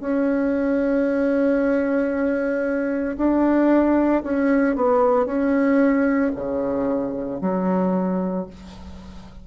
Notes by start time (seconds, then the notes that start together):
0.00 C#4
3.17 D4
4.23 C#4
4.76 B3
5.25 C#4
6.35 C#3
7.41 F#3